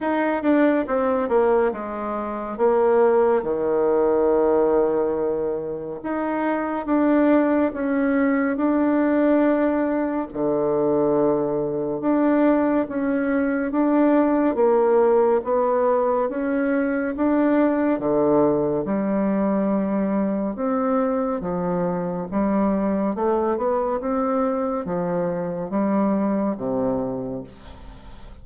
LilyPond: \new Staff \with { instrumentName = "bassoon" } { \time 4/4 \tempo 4 = 70 dis'8 d'8 c'8 ais8 gis4 ais4 | dis2. dis'4 | d'4 cis'4 d'2 | d2 d'4 cis'4 |
d'4 ais4 b4 cis'4 | d'4 d4 g2 | c'4 f4 g4 a8 b8 | c'4 f4 g4 c4 | }